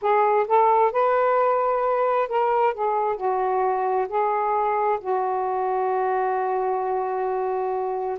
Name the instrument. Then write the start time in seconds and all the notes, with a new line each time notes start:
saxophone
0.01 G#4
0.47 A4
0.92 B4
2.28 A#4
2.74 G#4
3.16 F#4
4.08 G#4
5.00 F#4